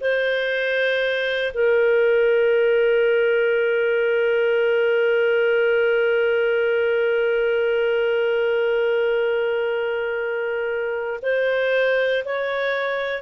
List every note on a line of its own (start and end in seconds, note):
0.00 1.53 C5
1.53 11.20 A#4
11.22 12.24 C5
12.24 13.22 C#5